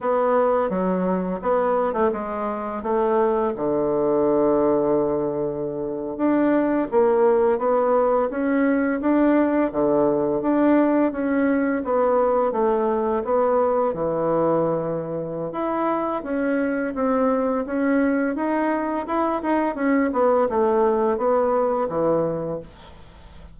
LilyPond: \new Staff \with { instrumentName = "bassoon" } { \time 4/4 \tempo 4 = 85 b4 fis4 b8. a16 gis4 | a4 d2.~ | d8. d'4 ais4 b4 cis'16~ | cis'8. d'4 d4 d'4 cis'16~ |
cis'8. b4 a4 b4 e16~ | e2 e'4 cis'4 | c'4 cis'4 dis'4 e'8 dis'8 | cis'8 b8 a4 b4 e4 | }